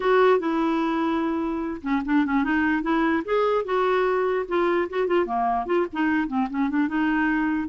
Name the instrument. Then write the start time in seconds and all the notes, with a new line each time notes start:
clarinet
0.00 F#4
0.39 E4
1.82 C#4
2.05 D4
2.25 C#4
2.44 D#4
2.82 E4
3.24 G#4
3.64 F#4
4.47 F4
4.89 F#4
5.07 F4
5.26 A#3
5.66 F4
5.92 D#4
6.27 C4
6.49 C#4
6.69 D4
6.88 D#4